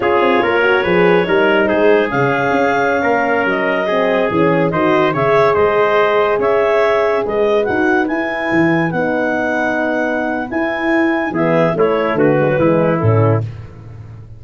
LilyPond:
<<
  \new Staff \with { instrumentName = "clarinet" } { \time 4/4 \tempo 4 = 143 cis''1 | c''4 f''2.~ | f''16 dis''2 gis'4 dis''8.~ | dis''16 e''4 dis''2 e''8.~ |
e''4~ e''16 dis''4 fis''4 gis''8.~ | gis''4~ gis''16 fis''2~ fis''8.~ | fis''4 gis''2 e''4 | cis''4 b'2 a'4 | }
  \new Staff \with { instrumentName = "trumpet" } { \time 4/4 gis'4 ais'4 b'4 ais'4 | gis'2.~ gis'16 ais'8.~ | ais'4~ ais'16 gis'2 c''8.~ | c''16 cis''4 c''2 cis''8.~ |
cis''4~ cis''16 b'2~ b'8.~ | b'1~ | b'2. gis'4 | e'4 fis'4 e'2 | }
  \new Staff \with { instrumentName = "horn" } { \time 4/4 f'4. fis'8 gis'4 dis'4~ | dis'4 cis'2.~ | cis'4~ cis'16 c'4 cis'4 fis'8.~ | fis'16 gis'2.~ gis'8.~ |
gis'2~ gis'16 fis'4 e'8.~ | e'4~ e'16 dis'2~ dis'8.~ | dis'4 e'2 b4 | a4. gis16 fis16 gis4 cis'4 | }
  \new Staff \with { instrumentName = "tuba" } { \time 4/4 cis'8 c'8 ais4 f4 g4 | gis4 cis4 cis'4~ cis'16 ais8.~ | ais16 fis2 e4 dis8.~ | dis16 cis4 gis2 cis'8.~ |
cis'4~ cis'16 gis4 dis'4 e'8.~ | e'16 e4 b2~ b8.~ | b4 e'2 e4 | a4 d4 e4 a,4 | }
>>